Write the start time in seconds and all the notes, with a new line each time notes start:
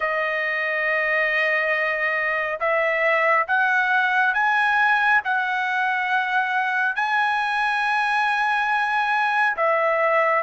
0.00 D#5
2.59 E5
3.47 F#5
4.34 G#5
5.24 F#5
6.95 G#5
9.57 E5